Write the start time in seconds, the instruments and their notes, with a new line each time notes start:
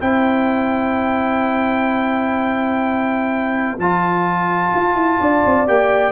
0.00 tuba C4, trombone E4, horn C5, trumpet G5
3.78 tuba F3, trombone F4, trumpet A5
4.75 tuba F4
4.95 tuba E4
5.20 tuba D4, horn D5
5.46 tuba C4
5.67 tuba A#3, trombone G4, trumpet G5